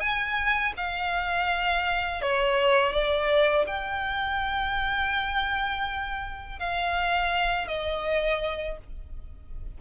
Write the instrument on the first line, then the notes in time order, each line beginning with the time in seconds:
violin
0.00 G#5
0.76 F5
2.22 C#5
2.92 D5
3.67 G5
6.59 F5
7.68 D#5